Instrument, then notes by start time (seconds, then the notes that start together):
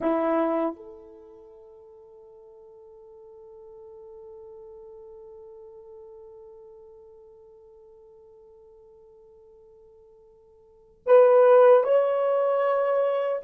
horn
0.00 E4
0.76 A4
11.05 B4
11.83 C#5